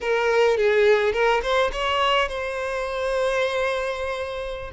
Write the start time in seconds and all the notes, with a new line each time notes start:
0.01 A#4
0.57 G#4
1.12 A#4
1.42 C5
1.72 C#5
2.28 C5